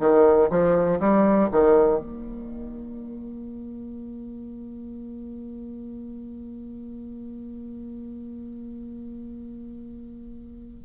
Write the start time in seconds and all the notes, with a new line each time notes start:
0.00 D#3
0.51 F3
1.00 G3
1.52 D#3
1.99 A#3